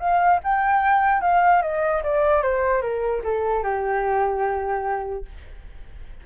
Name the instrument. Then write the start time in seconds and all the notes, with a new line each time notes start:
flute
0.00 F5
0.44 G5
1.22 F5
1.62 D#5
2.04 D5
2.43 C5
2.82 A#4
3.24 A4
3.63 G4